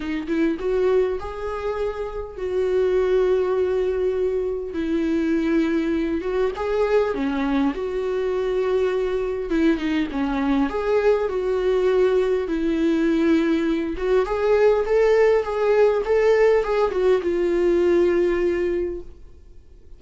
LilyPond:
\new Staff \with { instrumentName = "viola" } { \time 4/4 \tempo 4 = 101 dis'8 e'8 fis'4 gis'2 | fis'1 | e'2~ e'8 fis'8 gis'4 | cis'4 fis'2. |
e'8 dis'8 cis'4 gis'4 fis'4~ | fis'4 e'2~ e'8 fis'8 | gis'4 a'4 gis'4 a'4 | gis'8 fis'8 f'2. | }